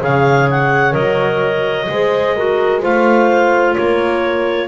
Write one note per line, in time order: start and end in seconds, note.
0.00 0.95 C#3
0.00 0.92 G#4
0.00 1.89 C#5
0.00 0.50 F5
0.51 0.94 F#5
0.92 1.88 F#3
0.92 1.85 A#4
0.92 2.81 D#5
1.89 2.83 G#3
1.89 2.38 G#4
1.89 2.37 C5
2.37 2.82 F#4
2.37 2.82 A#4
2.82 3.77 A3
2.82 4.69 F4
2.82 3.75 C5
2.82 3.75 F5
3.75 4.69 A#3
3.75 4.69 A#4
3.75 4.69 C#5